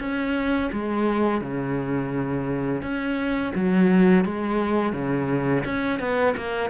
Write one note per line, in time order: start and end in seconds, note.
0.00 0.71 C#4
0.73 1.41 G#3
1.41 2.82 C#3
2.82 3.53 C#4
3.55 4.25 F#3
4.25 4.93 G#3
4.93 5.64 C#3
5.65 6.00 C#4
6.00 6.35 B3
6.37 6.70 A#3